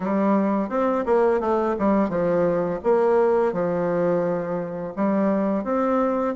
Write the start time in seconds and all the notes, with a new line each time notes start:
0.00 G3
0.69 C4
1.05 A#3
1.40 A3
1.78 G3
2.09 F3
2.83 A#3
3.52 F3
4.96 G3
5.64 C4